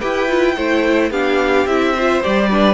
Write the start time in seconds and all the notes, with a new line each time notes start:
0.00 E4 G4 B4 G5
0.29 F4
0.56 A3 E4 C5
1.11 B3 D4 G4 F5
1.67 C4 E4 E5
1.94 F4 C5
2.23 G3 G4 D5
2.51 D4 B4